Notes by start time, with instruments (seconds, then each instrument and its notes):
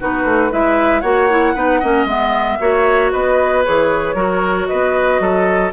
0.00 bassoon B3, clarinet D#4, oboe F#4, flute B4
0.25 bassoon A3
0.51 bassoon G#3, clarinet E4, oboe B4, flute E5
1.01 bassoon A#3, clarinet F#4, oboe C#5, flute F#5
1.30 clarinet E4
1.54 bassoon B3, clarinet D#4, oboe B4
1.80 bassoon A#3, clarinet C#4, oboe D#5
2.05 bassoon G#3, clarinet B3, flute E5
2.60 bassoon A#3, clarinet F#4, oboe C#5
3.12 bassoon B3, oboe B4, flute D#5
3.65 bassoon E3, clarinet G#4, flute C#5
4.15 bassoon F#3, clarinet F#4, oboe A#4
4.67 bassoon B3, oboe B4, flute D#5
5.20 bassoon F#3, oboe A4